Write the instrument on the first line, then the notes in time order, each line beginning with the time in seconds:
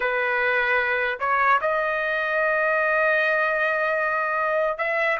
trumpet
0.00 B4
1.19 C#5
1.61 D#5
4.77 E5